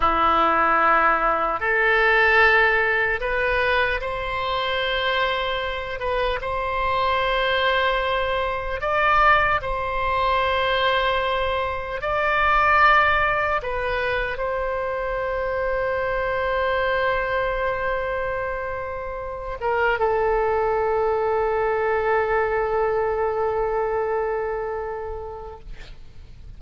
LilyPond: \new Staff \with { instrumentName = "oboe" } { \time 4/4 \tempo 4 = 75 e'2 a'2 | b'4 c''2~ c''8 b'8 | c''2. d''4 | c''2. d''4~ |
d''4 b'4 c''2~ | c''1~ | c''8 ais'8 a'2.~ | a'1 | }